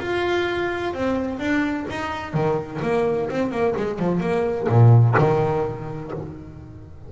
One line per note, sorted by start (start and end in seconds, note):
0.00 0.94 F4
0.94 1.39 C4
1.39 1.86 D4
1.90 2.34 D#4
2.34 2.81 D#3
2.83 3.29 A#3
3.30 3.51 C4
3.51 3.75 A#3
3.77 4.00 G#3
4.00 4.21 F3
4.21 4.68 A#3
4.69 5.16 A#2
5.18 6.12 D#3